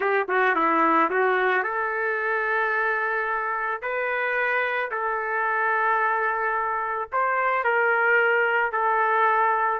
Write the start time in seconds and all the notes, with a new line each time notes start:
0.00 G4
0.28 F#4
0.55 E4
1.10 F#4
1.63 A4
3.82 B4
4.91 A4
7.12 C5
7.63 A#4
8.71 A4